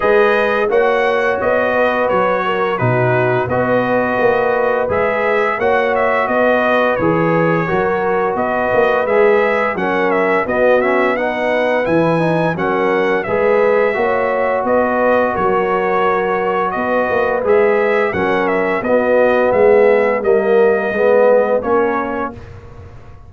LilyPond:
<<
  \new Staff \with { instrumentName = "trumpet" } { \time 4/4 \tempo 4 = 86 dis''4 fis''4 dis''4 cis''4 | b'4 dis''2 e''4 | fis''8 e''8 dis''4 cis''2 | dis''4 e''4 fis''8 e''8 dis''8 e''8 |
fis''4 gis''4 fis''4 e''4~ | e''4 dis''4 cis''2 | dis''4 e''4 fis''8 e''8 dis''4 | e''4 dis''2 cis''4 | }
  \new Staff \with { instrumentName = "horn" } { \time 4/4 b'4 cis''4. b'4 ais'8 | fis'4 b'2. | cis''4 b'2 ais'4 | b'2 ais'4 fis'4 |
b'2 ais'4 b'4 | cis''4 b'4 ais'2 | b'2 ais'4 fis'4 | gis'4 ais'4 b'4 ais'4 | }
  \new Staff \with { instrumentName = "trombone" } { \time 4/4 gis'4 fis'2. | dis'4 fis'2 gis'4 | fis'2 gis'4 fis'4~ | fis'4 gis'4 cis'4 b8 cis'8 |
dis'4 e'8 dis'8 cis'4 gis'4 | fis'1~ | fis'4 gis'4 cis'4 b4~ | b4 ais4 b4 cis'4 | }
  \new Staff \with { instrumentName = "tuba" } { \time 4/4 gis4 ais4 b4 fis4 | b,4 b4 ais4 gis4 | ais4 b4 e4 fis4 | b8 ais8 gis4 fis4 b4~ |
b4 e4 fis4 gis4 | ais4 b4 fis2 | b8 ais8 gis4 fis4 b4 | gis4 g4 gis4 ais4 | }
>>